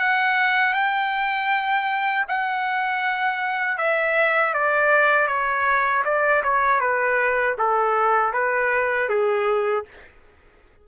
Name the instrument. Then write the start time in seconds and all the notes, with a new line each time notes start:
trumpet
0.00 F#5
0.74 G5
2.29 F#5
3.78 E5
4.54 D5
5.28 C#5
6.05 D5
6.44 C#5
6.80 B4
7.58 A4
8.34 B4
9.09 G#4